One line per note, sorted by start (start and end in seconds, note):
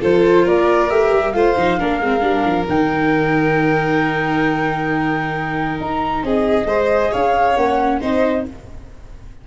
0.00 0.47 F3
0.00 0.89 F4
0.00 0.45 A4
0.00 0.47 C5
0.45 0.90 A#3
0.45 1.33 A#4
0.45 0.89 D5
0.89 1.13 A3
0.89 1.33 G4
0.89 1.31 E5
1.13 1.33 G3
1.31 1.55 A3
1.31 1.56 F4
1.31 1.79 C5
1.31 2.64 F5
1.56 1.79 F3
1.56 1.79 D#4
1.79 2.00 A#3
1.79 2.01 D4
1.79 6.23 A#4
2.00 2.21 G#3
2.00 2.20 C4
2.20 2.44 G3
2.20 2.65 D4
2.45 2.67 F3
2.68 5.79 D#3
2.68 6.69 D#4
2.68 5.79 G5
5.80 6.23 D#4
5.80 6.24 A#5
6.23 6.65 C4
6.23 6.67 G#4
6.23 7.13 D#5
6.65 7.10 G#3
6.65 7.57 G#4
6.65 7.11 C5
7.11 7.56 C#4
7.11 8.00 C#5
7.11 7.56 F5
7.56 8.01 A#3
7.56 8.01 C#4
7.56 8.00 F#5
8.00 8.47 C4
8.00 8.45 D#4
8.00 8.45 C5
8.00 8.45 D#5